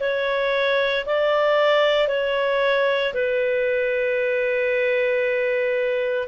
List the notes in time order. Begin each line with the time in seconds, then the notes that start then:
0.00 C#5
1.06 D5
2.08 C#5
3.14 B4